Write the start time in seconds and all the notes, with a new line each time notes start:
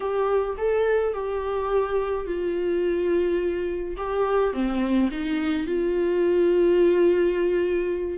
0.00 G4
0.57 A4
1.13 G4
2.26 F4
3.96 G4
4.53 C4
5.11 D#4
5.66 F4